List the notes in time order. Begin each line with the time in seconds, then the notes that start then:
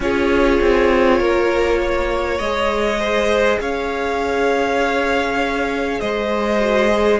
0.00 C#4 F4 G#4 C#5
0.61 C4
1.18 A#3 A#4
1.81 C#5
2.38 G#3 G#4 D#5
2.99 C5
3.59 C#4 C#5 F5
6.00 G#3 C5 D#5
6.59 F#4
6.91 G#4